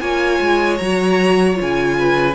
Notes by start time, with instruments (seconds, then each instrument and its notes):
0.00 cello A#3, viola F4, violin C#5 G#5
0.40 cello G#3
0.77 cello F#3, viola F#4, violin A#5
1.54 viola F4
1.61 cello C#3, violin G#5
1.98 violin B4